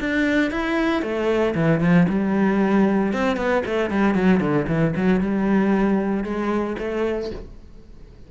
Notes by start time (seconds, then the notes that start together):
0.00 D4
0.51 E4
1.02 A3
1.55 E3
1.80 F3
2.09 G3
3.13 C4
3.37 B3
3.66 A3
3.90 G3
4.15 F#3
4.40 D3
4.68 E3
4.96 F#3
5.21 G3
6.24 G#3
6.79 A3